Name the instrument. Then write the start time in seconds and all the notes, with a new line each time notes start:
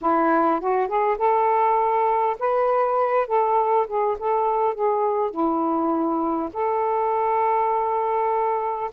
saxophone
0.01 E4
0.60 F#4
0.87 G#4
1.17 A4
2.39 B4
3.27 A4
3.87 G#4
4.19 A4
4.74 G#4
5.31 E4
6.53 A4